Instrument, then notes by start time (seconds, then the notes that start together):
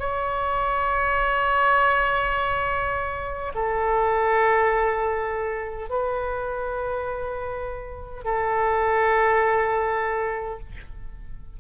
oboe
0.00 C#5
3.55 A4
5.90 B4
8.25 A4